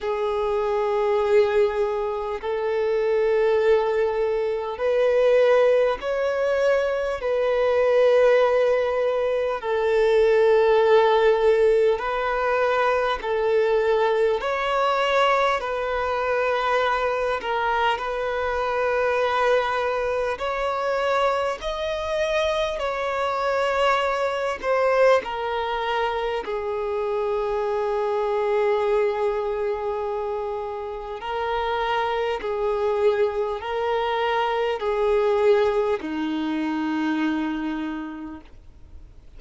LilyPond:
\new Staff \with { instrumentName = "violin" } { \time 4/4 \tempo 4 = 50 gis'2 a'2 | b'4 cis''4 b'2 | a'2 b'4 a'4 | cis''4 b'4. ais'8 b'4~ |
b'4 cis''4 dis''4 cis''4~ | cis''8 c''8 ais'4 gis'2~ | gis'2 ais'4 gis'4 | ais'4 gis'4 dis'2 | }